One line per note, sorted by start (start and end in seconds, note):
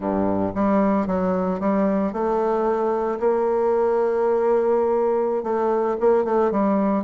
0.00 0.52 G2
0.55 1.06 G3
1.06 1.60 F#3
1.60 2.12 G3
2.12 3.19 A3
3.19 5.43 A#3
5.43 5.96 A3
6.00 6.24 A#3
6.24 6.51 A3
6.51 7.04 G3